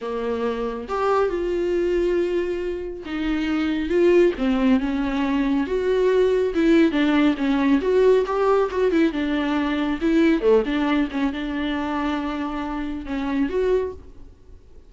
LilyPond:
\new Staff \with { instrumentName = "viola" } { \time 4/4 \tempo 4 = 138 ais2 g'4 f'4~ | f'2. dis'4~ | dis'4 f'4 c'4 cis'4~ | cis'4 fis'2 e'4 |
d'4 cis'4 fis'4 g'4 | fis'8 e'8 d'2 e'4 | a8 d'4 cis'8 d'2~ | d'2 cis'4 fis'4 | }